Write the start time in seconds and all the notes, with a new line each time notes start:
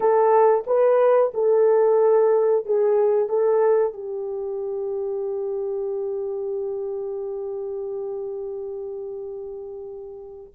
0.00 A4
0.66 B4
1.34 A4
2.65 G#4
3.28 A4
3.93 G4